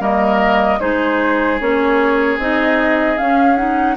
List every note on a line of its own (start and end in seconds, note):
0.00 0.79 G3
0.00 0.79 A#3
0.00 0.79 A#4
0.00 0.80 D#5
0.80 1.61 G#3
0.80 1.59 D#4
0.80 3.96 G#4
0.80 1.59 C5
1.60 2.38 A#3
1.60 2.39 C#4
1.60 2.39 C#5
2.38 3.17 C4
2.38 3.18 D#4
2.38 3.18 D#5
3.18 3.57 C#4
3.18 3.97 C#4
3.18 3.56 F5
3.56 3.97 D#4
3.56 3.96 F#5